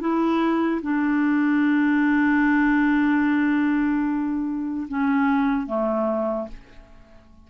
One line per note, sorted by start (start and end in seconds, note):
0.00 0.81 E4
0.82 4.88 D4
4.88 5.66 C#4
5.66 6.48 A3